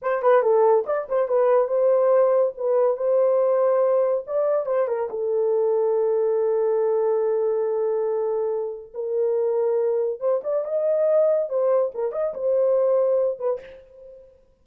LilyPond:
\new Staff \with { instrumentName = "horn" } { \time 4/4 \tempo 4 = 141 c''8 b'8 a'4 d''8 c''8 b'4 | c''2 b'4 c''4~ | c''2 d''4 c''8 ais'8 | a'1~ |
a'1~ | a'4 ais'2. | c''8 d''8 dis''2 c''4 | ais'8 dis''8 c''2~ c''8 b'8 | }